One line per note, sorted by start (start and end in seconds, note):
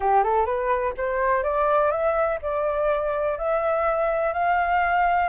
0.00 0.23 G4
0.23 0.45 A4
0.45 0.93 B4
0.97 1.43 C5
1.43 1.91 D5
1.91 2.39 E5
2.42 3.38 D5
3.38 4.33 E5
4.33 5.29 F5